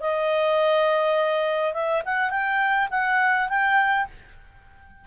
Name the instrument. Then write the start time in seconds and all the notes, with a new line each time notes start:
clarinet
0.00 D#5
1.73 E5
2.05 F#5
2.30 G5
2.90 F#5
3.48 G5